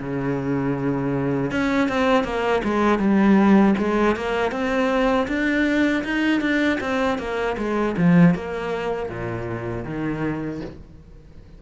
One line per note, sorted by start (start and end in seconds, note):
0.00 1.51 C#3
1.51 1.88 C#4
1.88 2.24 C4
2.24 2.62 A#3
2.64 2.99 G#3
2.99 3.75 G3
3.78 4.16 G#3
4.16 4.51 A#3
4.51 5.27 C4
5.27 6.03 D4
6.04 6.40 D#4
6.40 6.78 D4
6.80 7.18 C4
7.18 7.56 A#3
7.57 7.95 G#3
7.97 8.35 F3
8.35 9.09 A#3
9.09 9.85 A#2
9.85 10.61 D#3